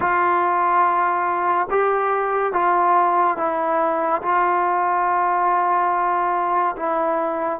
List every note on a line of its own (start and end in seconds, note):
0.00 1.67 F4
1.70 2.52 G4
2.52 3.37 F4
3.37 4.21 E4
4.22 6.75 F4
6.76 7.59 E4